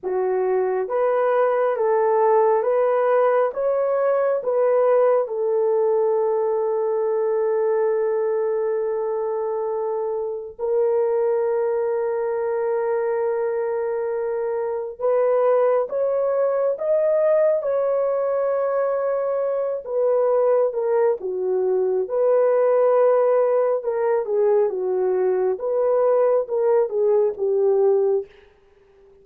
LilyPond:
\new Staff \with { instrumentName = "horn" } { \time 4/4 \tempo 4 = 68 fis'4 b'4 a'4 b'4 | cis''4 b'4 a'2~ | a'1 | ais'1~ |
ais'4 b'4 cis''4 dis''4 | cis''2~ cis''8 b'4 ais'8 | fis'4 b'2 ais'8 gis'8 | fis'4 b'4 ais'8 gis'8 g'4 | }